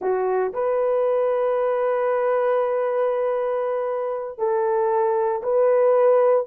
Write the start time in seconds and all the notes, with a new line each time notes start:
0.01 F#4
0.53 B4
4.38 A4
5.42 B4